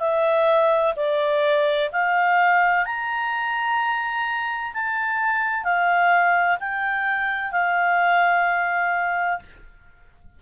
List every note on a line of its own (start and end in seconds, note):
0.00 0.94 E5
0.96 1.90 D5
1.92 2.86 F5
2.86 4.73 A#5
4.73 5.64 A5
5.64 6.58 F5
6.60 7.52 G5
7.52 9.39 F5